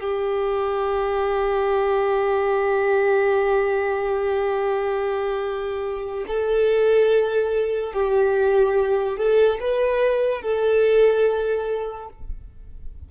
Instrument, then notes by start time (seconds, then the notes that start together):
violin
0.00 G4
6.27 A4
7.93 G4
9.17 A4
9.60 B4
10.42 A4